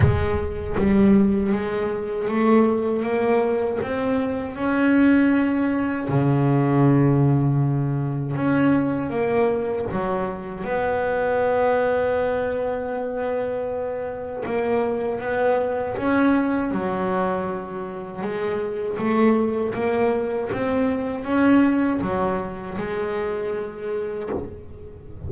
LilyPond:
\new Staff \with { instrumentName = "double bass" } { \time 4/4 \tempo 4 = 79 gis4 g4 gis4 a4 | ais4 c'4 cis'2 | cis2. cis'4 | ais4 fis4 b2~ |
b2. ais4 | b4 cis'4 fis2 | gis4 a4 ais4 c'4 | cis'4 fis4 gis2 | }